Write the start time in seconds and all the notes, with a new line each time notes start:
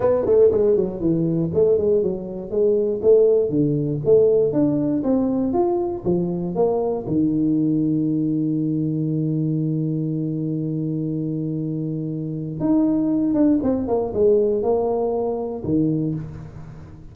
0.00 B3
0.25 A3
0.51 G#3
0.76 F#3
1.00 E3
1.54 A3
1.77 G#3
2.03 F#3
2.50 G#3
3.02 A3
3.49 D3
4.04 A3
4.52 D4
5.03 C4
5.53 F4
6.04 F3
6.55 A#3
7.07 D#3
12.60 D#4
13.34 D4
13.62 C4
13.87 A#3
14.13 G#3
14.62 A#3
15.64 D#3